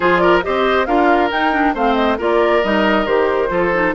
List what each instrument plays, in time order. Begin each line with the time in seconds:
0.00 bassoon F3, clarinet F4, oboe G#4, flute C5
0.17 oboe A#4, flute D5
0.42 bassoon C4, clarinet G4, oboe C5, flute D#5
0.85 bassoon D4, clarinet F4, oboe A#4, flute F5
1.31 clarinet D#4, bassoon D#4, flute G5
1.52 clarinet D4
1.74 bassoon A3, clarinet C4, oboe C5, flute F5
1.94 flute D#5
2.18 bassoon A#3, clarinet F4, oboe A#4, flute D5
2.63 bassoon G3, clarinet D#4, flute D#5
3.06 bassoon D#3, clarinet G4, flute C5
3.48 bassoon F3, clarinet F4, oboe A4
3.73 clarinet D#4